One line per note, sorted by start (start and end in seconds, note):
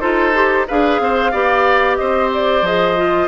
0.00 0.67 D#4
0.00 0.33 F4
0.00 0.66 A4
0.00 0.66 C5
0.34 0.66 G4
0.67 1.00 D4
0.67 1.32 G#4
0.67 1.00 B4
0.67 1.96 F5
1.00 1.33 C4
1.00 1.31 C5
1.31 1.98 B3
1.31 2.64 G4
1.31 1.97 D5
1.96 2.62 C4
1.96 3.28 C5
1.96 2.29 D#5
2.33 2.65 D5
2.62 3.27 F3
2.62 2.96 G#4
2.62 3.28 D#5
2.96 3.28 F4